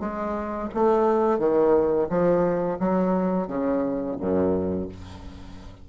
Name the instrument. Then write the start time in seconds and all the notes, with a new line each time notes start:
bassoon
0.00 G#3
0.74 A3
1.39 D#3
2.09 F3
2.79 F#3
3.47 C#3
4.20 F#2